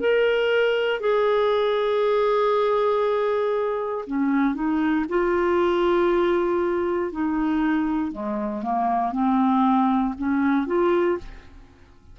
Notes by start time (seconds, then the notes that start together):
0.00 A#4
1.01 G#4
4.07 C#4
4.55 D#4
5.10 F4
7.12 D#4
8.13 G#3
8.63 A#3
9.13 C4
10.18 C#4
10.67 F4